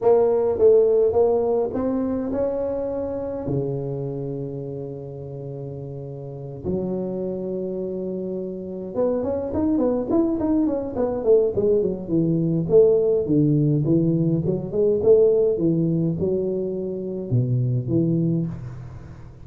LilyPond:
\new Staff \with { instrumentName = "tuba" } { \time 4/4 \tempo 4 = 104 ais4 a4 ais4 c'4 | cis'2 cis2~ | cis2.~ cis8 fis8~ | fis2.~ fis8 b8 |
cis'8 dis'8 b8 e'8 dis'8 cis'8 b8 a8 | gis8 fis8 e4 a4 d4 | e4 fis8 gis8 a4 e4 | fis2 b,4 e4 | }